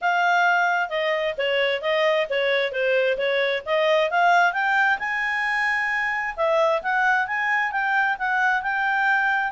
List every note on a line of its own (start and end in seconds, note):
0.01 0.89 F5
0.89 1.34 D#5
1.37 1.81 C#5
1.81 2.27 D#5
2.29 2.71 C#5
2.71 3.17 C5
3.17 3.62 C#5
3.65 4.10 D#5
4.10 4.52 F5
4.52 4.98 G5
4.99 6.35 G#5
6.36 6.81 E5
6.82 7.27 F#5
7.27 7.71 G#5
7.71 8.17 G5
8.18 8.62 F#5
8.62 9.51 G5